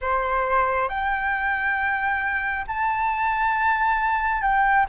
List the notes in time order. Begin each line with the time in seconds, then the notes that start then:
0.01 C5
0.88 G5
2.67 A5
4.42 G5